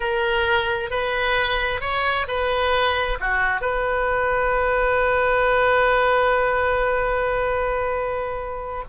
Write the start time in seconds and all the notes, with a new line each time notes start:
0.00 A#4
0.90 B4
1.80 C#5
2.27 B4
3.19 F#4
3.61 B4